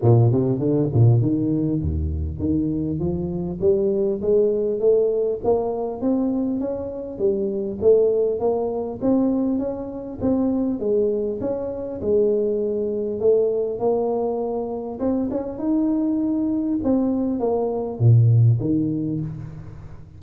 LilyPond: \new Staff \with { instrumentName = "tuba" } { \time 4/4 \tempo 4 = 100 ais,8 c8 d8 ais,8 dis4 dis,4 | dis4 f4 g4 gis4 | a4 ais4 c'4 cis'4 | g4 a4 ais4 c'4 |
cis'4 c'4 gis4 cis'4 | gis2 a4 ais4~ | ais4 c'8 cis'8 dis'2 | c'4 ais4 ais,4 dis4 | }